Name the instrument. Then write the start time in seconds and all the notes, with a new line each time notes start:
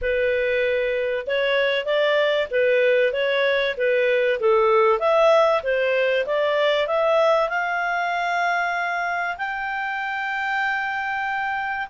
clarinet
0.01 B4
1.26 C#5
1.85 D5
2.50 B4
3.12 C#5
3.77 B4
4.39 A4
4.99 E5
5.62 C5
6.26 D5
6.87 E5
7.49 F5
9.38 G5